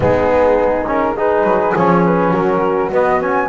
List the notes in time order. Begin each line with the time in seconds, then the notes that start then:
0.00 G#3 B3 D#4 G#4
0.86 C#4 A#4
1.15 D#4 G#4 B4
1.43 F#3
1.75 F3 C#4 C#5
2.05 B4
2.31 F#3 F#4 A#4
2.91 B3 D#5
3.20 C#4 G#5